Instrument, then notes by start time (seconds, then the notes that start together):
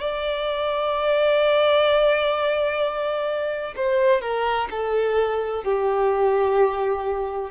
violin
0.00 D5
3.76 C5
4.21 A#4
4.70 A4
5.64 G4